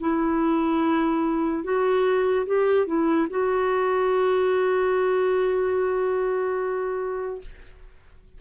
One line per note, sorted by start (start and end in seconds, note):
0.00 1.64 E4
1.64 2.46 F#4
2.46 2.86 G4
2.86 3.27 E4
3.30 7.41 F#4